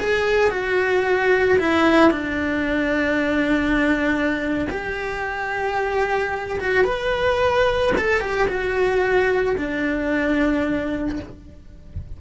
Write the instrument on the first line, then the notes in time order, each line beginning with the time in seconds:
cello
0.00 G#4
0.51 F#4
1.59 E4
2.11 D4
4.70 G4
6.60 F#4
6.85 B4
7.98 A4
8.21 G4
8.48 F#4
9.58 D4